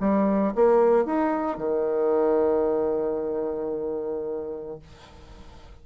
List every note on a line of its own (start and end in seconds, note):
0.00 0.54 G3
0.55 1.05 A#3
1.05 1.57 D#4
1.57 4.79 D#3